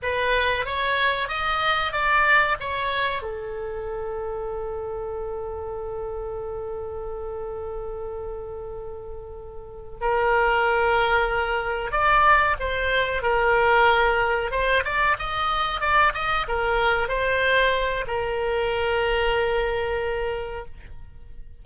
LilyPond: \new Staff \with { instrumentName = "oboe" } { \time 4/4 \tempo 4 = 93 b'4 cis''4 dis''4 d''4 | cis''4 a'2.~ | a'1~ | a'2.~ a'8 ais'8~ |
ais'2~ ais'8 d''4 c''8~ | c''8 ais'2 c''8 d''8 dis''8~ | dis''8 d''8 dis''8 ais'4 c''4. | ais'1 | }